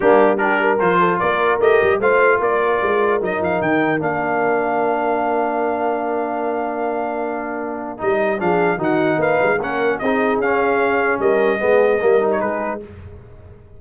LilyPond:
<<
  \new Staff \with { instrumentName = "trumpet" } { \time 4/4 \tempo 4 = 150 g'4 ais'4 c''4 d''4 | dis''4 f''4 d''2 | dis''8 f''8 g''4 f''2~ | f''1~ |
f''1 | dis''4 f''4 fis''4 f''4 | fis''4 dis''4 f''2 | dis''2~ dis''8. cis''16 b'4 | }
  \new Staff \with { instrumentName = "horn" } { \time 4/4 d'4 g'8 ais'4 a'8 ais'4~ | ais'4 c''4 ais'2~ | ais'1~ | ais'1~ |
ais'1~ | ais'4 gis'4 fis'4 b'4 | ais'4 gis'2. | ais'4 gis'4 ais'4 gis'4 | }
  \new Staff \with { instrumentName = "trombone" } { \time 4/4 ais4 d'4 f'2 | g'4 f'2. | dis'2 d'2~ | d'1~ |
d'1 | dis'4 d'4 dis'2 | cis'4 dis'4 cis'2~ | cis'4 b4 ais8 dis'4. | }
  \new Staff \with { instrumentName = "tuba" } { \time 4/4 g2 f4 ais4 | a8 g8 a4 ais4 gis4 | fis8 f8 dis4 ais2~ | ais1~ |
ais1 | g4 f4 dis4 ais8 gis8 | ais4 c'4 cis'2 | g4 gis4 g4 gis4 | }
>>